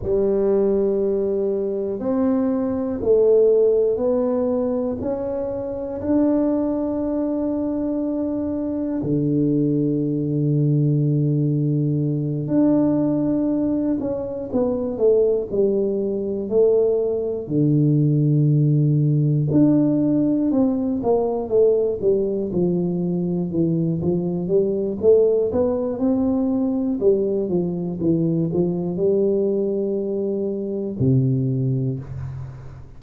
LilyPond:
\new Staff \with { instrumentName = "tuba" } { \time 4/4 \tempo 4 = 60 g2 c'4 a4 | b4 cis'4 d'2~ | d'4 d2.~ | d8 d'4. cis'8 b8 a8 g8~ |
g8 a4 d2 d'8~ | d'8 c'8 ais8 a8 g8 f4 e8 | f8 g8 a8 b8 c'4 g8 f8 | e8 f8 g2 c4 | }